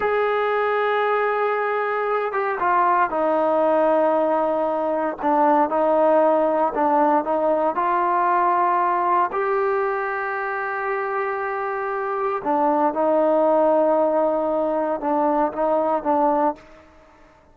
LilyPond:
\new Staff \with { instrumentName = "trombone" } { \time 4/4 \tempo 4 = 116 gis'1~ | gis'8 g'8 f'4 dis'2~ | dis'2 d'4 dis'4~ | dis'4 d'4 dis'4 f'4~ |
f'2 g'2~ | g'1 | d'4 dis'2.~ | dis'4 d'4 dis'4 d'4 | }